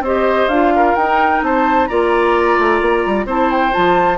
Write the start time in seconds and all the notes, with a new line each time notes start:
0.00 C4 G4 C5 D#5
0.48 D4 F4 F5
0.75 A#4
0.95 D#4 G5
1.42 C4 C5 A5
1.87 A#3 F4 D5 A#5
2.58 A3
2.81 A#3
3.06 G3
3.26 C4 E4 C5 A5
3.51 G5
3.72 F3 F4 A5